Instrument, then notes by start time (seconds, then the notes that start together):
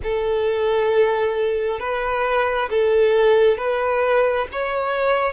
violin
0.03 A4
1.79 B4
2.70 A4
3.57 B4
4.51 C#5